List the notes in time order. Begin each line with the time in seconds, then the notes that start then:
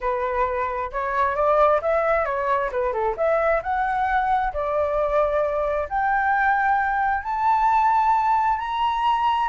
0.01 B4
0.92 C#5
1.35 D5
1.81 E5
2.25 C#5
2.71 B4
2.92 A4
3.16 E5
3.62 F#5
4.53 D5
5.89 G5
7.23 A5
8.58 A#5